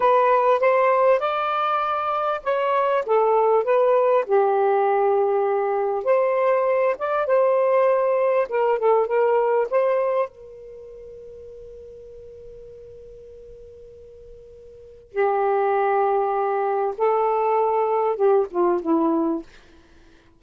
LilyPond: \new Staff \with { instrumentName = "saxophone" } { \time 4/4 \tempo 4 = 99 b'4 c''4 d''2 | cis''4 a'4 b'4 g'4~ | g'2 c''4. d''8 | c''2 ais'8 a'8 ais'4 |
c''4 ais'2.~ | ais'1~ | ais'4 g'2. | a'2 g'8 f'8 e'4 | }